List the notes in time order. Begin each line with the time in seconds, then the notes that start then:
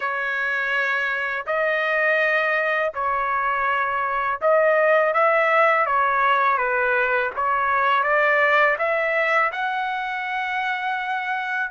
0.00 C#5
1.46 D#5
2.94 C#5
4.41 D#5
5.13 E5
5.85 C#5
6.57 B4
7.35 C#5
8.03 D5
8.78 E5
9.52 F#5